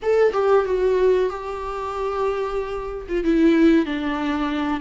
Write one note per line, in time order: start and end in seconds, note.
0.02 0.33 A4
0.33 0.65 G4
0.65 1.29 F#4
1.29 3.06 G4
3.08 3.24 F4
3.24 3.85 E4
3.85 4.80 D4